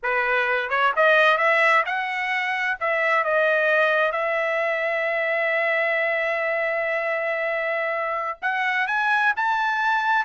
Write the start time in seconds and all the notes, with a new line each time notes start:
0.03 B4
0.69 C#5
0.96 D#5
1.37 E5
1.85 F#5
2.79 E5
3.23 D#5
4.12 E5
8.41 F#5
8.87 G#5
9.36 A5